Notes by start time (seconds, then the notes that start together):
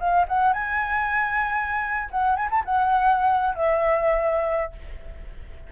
0.00 F5
0.29 F#5
0.53 G#5
2.12 F#5
2.36 G#5
2.51 A5
2.65 F#5
3.55 E5